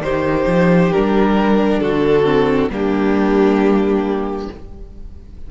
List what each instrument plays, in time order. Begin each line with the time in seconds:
0.00 cello D#3, viola D#4, violin G4 C5
0.47 cello F3
0.92 cello G3, viola D4, violin A#4
1.80 cello D3, violin F#4 A4
2.25 viola C4
2.70 cello G3, viola A#3, violin D4 G4